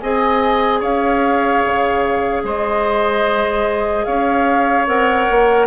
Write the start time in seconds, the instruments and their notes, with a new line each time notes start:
0.00 bassoon C4, clarinet G#4, oboe D#5, flute G#5
0.80 bassoon C#4, oboe C#5, flute F5
1.66 bassoon C#3
2.44 bassoon G#3, oboe C5, flute D#5
4.05 bassoon C#4, oboe C#5, flute F5
4.87 bassoon C4, clarinet A#4, flute F#5
5.30 bassoon A#3